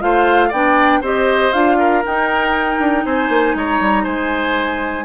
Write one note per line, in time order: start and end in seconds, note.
0.00 0.52 A3
0.00 0.50 F4
0.00 0.49 C5
0.00 0.52 F5
0.49 1.02 B3
0.49 1.03 D4
0.49 0.99 D5
0.49 1.03 G5
1.01 1.52 C4
1.01 1.53 G4
1.01 1.77 C5
1.01 1.53 D#5
1.53 2.04 D4
1.53 2.03 F4
1.53 2.03 F5
1.79 3.05 A#4
2.05 5.05 D#4
2.05 2.79 D#4
2.05 3.06 G5
2.79 3.04 D4
3.05 3.29 C4
3.05 3.56 C5
3.05 3.56 G#5
3.29 3.54 A#3
3.55 3.80 G#3
3.55 4.04 C#5
3.55 4.05 A#5
3.80 4.06 G3
4.04 5.05 G#3
4.04 5.04 C5
4.04 5.05 G#5